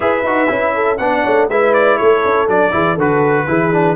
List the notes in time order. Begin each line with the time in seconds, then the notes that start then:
0.00 E4 G#4 B4 E5
0.22 D#4 F#4
0.47 C#4 E4
0.74 A4
0.97 B3 D4 D5 F#5
1.23 A3 C#5
1.48 G#3 E4 B4 E5
1.73 D5
1.97 A3 A4 C#5
2.25 C#4
2.47 F#3 D4 D5
2.71 E3 E4 G#4
2.93 D3 F#4 A4
3.00 B4
3.47 E3 E4 G#4
3.71 D4